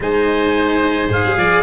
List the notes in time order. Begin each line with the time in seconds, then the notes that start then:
0.00 G#3 D#4 C5 G#5
1.08 G#2 G#4 F5
1.25 G3
1.36 F3 D5